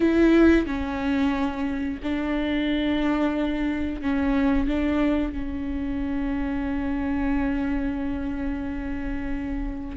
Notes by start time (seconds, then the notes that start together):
0.00 E4
0.66 C#4
2.02 D4
4.01 C#4
4.67 D4
5.32 C#4